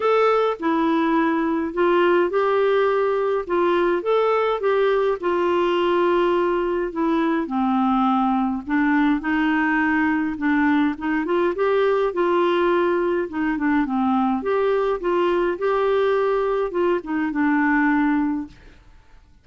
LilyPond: \new Staff \with { instrumentName = "clarinet" } { \time 4/4 \tempo 4 = 104 a'4 e'2 f'4 | g'2 f'4 a'4 | g'4 f'2. | e'4 c'2 d'4 |
dis'2 d'4 dis'8 f'8 | g'4 f'2 dis'8 d'8 | c'4 g'4 f'4 g'4~ | g'4 f'8 dis'8 d'2 | }